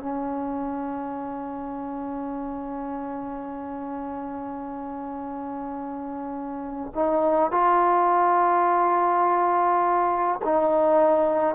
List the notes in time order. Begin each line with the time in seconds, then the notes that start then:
0.00 C#4
6.95 D#4
7.52 F4
10.45 D#4